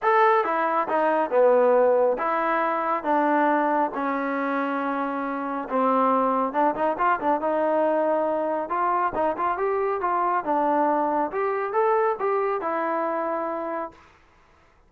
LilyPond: \new Staff \with { instrumentName = "trombone" } { \time 4/4 \tempo 4 = 138 a'4 e'4 dis'4 b4~ | b4 e'2 d'4~ | d'4 cis'2.~ | cis'4 c'2 d'8 dis'8 |
f'8 d'8 dis'2. | f'4 dis'8 f'8 g'4 f'4 | d'2 g'4 a'4 | g'4 e'2. | }